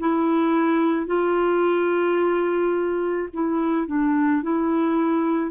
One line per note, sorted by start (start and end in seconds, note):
0.00 1.07 E4
1.07 3.29 F4
3.33 3.87 E4
3.87 4.43 D4
4.43 5.52 E4